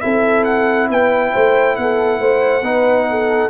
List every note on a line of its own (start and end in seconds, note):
0.00 0.89 C4
0.00 2.62 E4
0.00 0.89 A4
0.00 0.43 E5
0.44 0.87 F#5
0.89 1.33 B3
0.89 1.33 B4
0.89 1.76 G5
1.33 1.77 A3
1.33 1.76 C5
1.76 2.19 B3
1.76 2.20 A4
1.76 3.50 F#5
2.19 2.62 A3
2.19 2.63 C5
2.62 3.49 B3
2.62 3.50 D#4
2.62 3.07 B4
3.10 3.50 A4